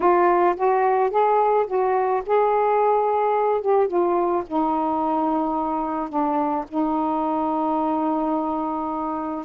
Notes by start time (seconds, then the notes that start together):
0.00 F4
0.56 F#4
1.10 G#4
1.67 F#4
2.26 G#4
3.61 G4
3.87 F4
4.46 D#4
6.09 D4
6.68 D#4